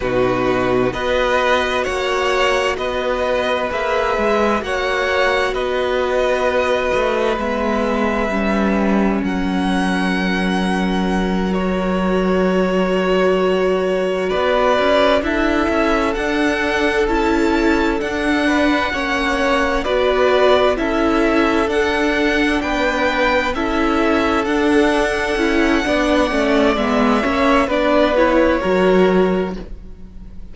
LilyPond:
<<
  \new Staff \with { instrumentName = "violin" } { \time 4/4 \tempo 4 = 65 b'4 dis''4 fis''4 dis''4 | e''4 fis''4 dis''2 | e''2 fis''2~ | fis''8 cis''2. d''8~ |
d''8 e''4 fis''4 a''4 fis''8~ | fis''4. d''4 e''4 fis''8~ | fis''8 g''4 e''4 fis''4.~ | fis''4 e''4 d''8 cis''4. | }
  \new Staff \with { instrumentName = "violin" } { \time 4/4 fis'4 b'4 cis''4 b'4~ | b'4 cis''4 b'2~ | b'2 ais'2~ | ais'2.~ ais'8 b'8~ |
b'8 a'2.~ a'8 | b'8 cis''4 b'4 a'4.~ | a'8 b'4 a'2~ a'8 | d''4. cis''8 b'4 ais'4 | }
  \new Staff \with { instrumentName = "viola" } { \time 4/4 dis'4 fis'2. | gis'4 fis'2. | b4 cis'2.~ | cis'8 fis'2.~ fis'8~ |
fis'8 e'4 d'4 e'4 d'8~ | d'8 cis'4 fis'4 e'4 d'8~ | d'4. e'4 d'4 e'8 | d'8 cis'8 b8 cis'8 d'8 e'8 fis'4 | }
  \new Staff \with { instrumentName = "cello" } { \time 4/4 b,4 b4 ais4 b4 | ais8 gis8 ais4 b4. a8 | gis4 g4 fis2~ | fis2.~ fis8 b8 |
cis'8 d'8 cis'8 d'4 cis'4 d'8~ | d'8 ais4 b4 cis'4 d'8~ | d'8 b4 cis'4 d'4 cis'8 | b8 a8 gis8 ais8 b4 fis4 | }
>>